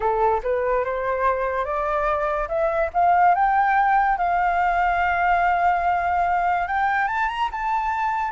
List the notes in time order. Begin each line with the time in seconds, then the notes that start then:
0.00 A4
0.43 B4
0.84 C5
1.64 D5
2.48 E5
2.93 F5
3.34 G5
4.17 F5
6.67 G5
7.07 A5
7.28 A#5
7.51 A5